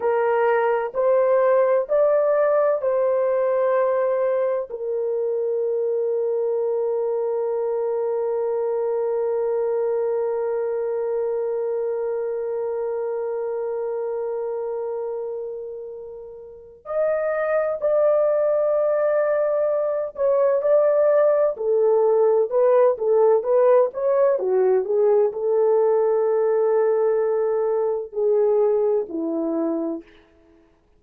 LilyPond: \new Staff \with { instrumentName = "horn" } { \time 4/4 \tempo 4 = 64 ais'4 c''4 d''4 c''4~ | c''4 ais'2.~ | ais'1~ | ais'1~ |
ais'2 dis''4 d''4~ | d''4. cis''8 d''4 a'4 | b'8 a'8 b'8 cis''8 fis'8 gis'8 a'4~ | a'2 gis'4 e'4 | }